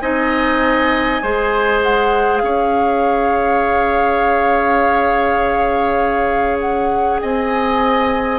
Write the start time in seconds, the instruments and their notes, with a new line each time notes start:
0.00 bassoon C4, clarinet D#4, oboe D#5, flute G#5
1.23 bassoon G#3, clarinet G#4, oboe C5
1.83 flute F#5
2.38 bassoon C#4, flute F5
2.44 oboe C#5
6.60 flute F#5
7.21 bassoon C4, oboe D#5, flute G#5